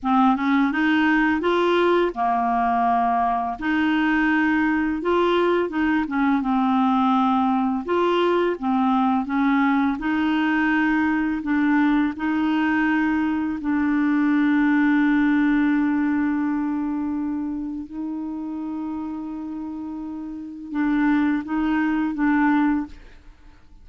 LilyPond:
\new Staff \with { instrumentName = "clarinet" } { \time 4/4 \tempo 4 = 84 c'8 cis'8 dis'4 f'4 ais4~ | ais4 dis'2 f'4 | dis'8 cis'8 c'2 f'4 | c'4 cis'4 dis'2 |
d'4 dis'2 d'4~ | d'1~ | d'4 dis'2.~ | dis'4 d'4 dis'4 d'4 | }